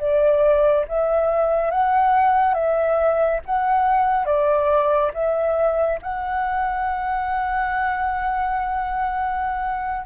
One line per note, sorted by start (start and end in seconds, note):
0.00 0.86 D5
0.88 1.71 E5
1.71 2.55 F#5
2.55 3.41 E5
3.46 4.26 F#5
4.26 5.12 D5
5.14 6.00 E5
6.02 10.07 F#5